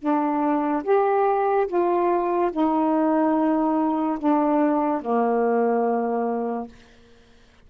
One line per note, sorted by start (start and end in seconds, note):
0.00 0.83 D4
0.84 1.67 G4
1.68 2.52 F4
2.52 4.19 D#4
4.19 5.02 D4
5.02 6.69 A#3